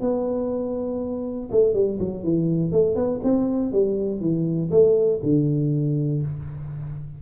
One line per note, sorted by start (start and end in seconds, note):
0.00 1.49 B3
1.51 1.74 A3
1.74 1.98 G3
1.99 2.23 F#3
2.23 2.71 E3
2.71 2.95 A3
2.95 3.20 B3
3.23 3.72 C4
3.72 4.20 G3
4.20 4.70 E3
4.71 5.20 A3
5.23 6.22 D3